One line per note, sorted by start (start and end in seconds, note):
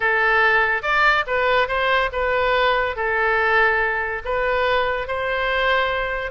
0.00 0.82 A4
0.82 1.24 D5
1.27 1.67 B4
1.67 2.10 C5
2.12 2.95 B4
2.95 4.22 A4
4.24 5.07 B4
5.07 6.31 C5